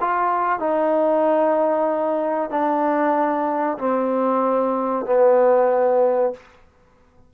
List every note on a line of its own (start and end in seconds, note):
0.00 0.59 F4
0.59 2.50 D#4
2.50 3.78 D4
3.78 5.06 C4
5.06 6.33 B3